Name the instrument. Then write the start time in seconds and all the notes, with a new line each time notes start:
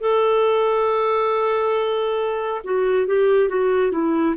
clarinet
0.00 A4
2.64 F#4
3.06 G4
3.49 F#4
3.91 E4